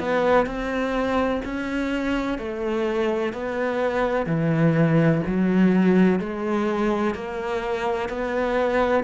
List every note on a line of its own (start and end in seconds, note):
0.00 0.46 B3
0.46 1.42 C4
1.45 2.39 C#4
2.39 3.34 A3
3.34 4.26 B3
4.26 5.22 E3
5.27 6.20 F#3
6.20 7.15 G#3
7.15 8.10 A#3
8.10 9.04 B3